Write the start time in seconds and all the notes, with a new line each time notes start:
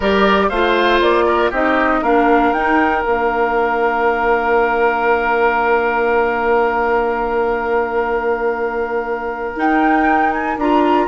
0.00 G3 G4 A#4 D5
0.49 A3 F4 C5 F5
1.00 A#3 D5
1.26 A#4
1.50 C4 D#4 G4 D#5
2.01 A#3 D4 A#4 F5
2.52 D#4 G5
3.02 A#3 D4 F5
9.55 D#4 G5
10.32 G#5
10.57 D4 F4 A#5